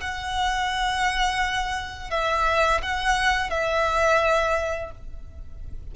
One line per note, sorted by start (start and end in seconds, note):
0.00 2.10 F#5
2.10 2.81 E5
2.82 3.49 F#5
3.49 4.91 E5